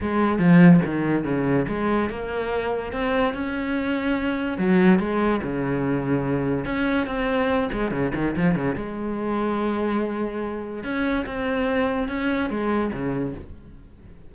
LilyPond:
\new Staff \with { instrumentName = "cello" } { \time 4/4 \tempo 4 = 144 gis4 f4 dis4 cis4 | gis4 ais2 c'4 | cis'2. fis4 | gis4 cis2. |
cis'4 c'4. gis8 cis8 dis8 | f8 cis8 gis2.~ | gis2 cis'4 c'4~ | c'4 cis'4 gis4 cis4 | }